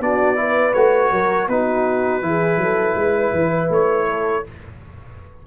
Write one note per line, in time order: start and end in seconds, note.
0.00 0.74 B3
0.00 0.36 D4
0.00 0.39 F#4
0.00 0.74 D5
0.36 0.73 E4
0.36 1.12 B4
0.74 1.12 A3
0.74 1.50 F#4
0.74 1.48 C#5
1.12 1.48 F#3
1.12 1.49 A#4
1.48 2.22 B3
1.48 2.23 D#4
1.48 2.26 F#4
1.48 3.72 B4
2.22 2.58 E3
2.22 4.45 E4
2.22 2.62 G#4
2.58 2.95 F#3
2.58 2.99 A4
2.96 3.33 G#3
2.96 4.09 B4
3.33 3.70 E3
3.70 4.44 A3
3.70 4.47 C#5
4.09 4.46 A4